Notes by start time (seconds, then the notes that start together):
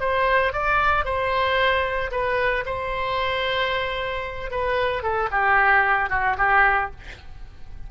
0.00 C5
0.52 D5
1.05 C5
2.11 B4
2.65 C5
4.51 B4
5.02 A4
5.31 G4
6.10 F#4
6.37 G4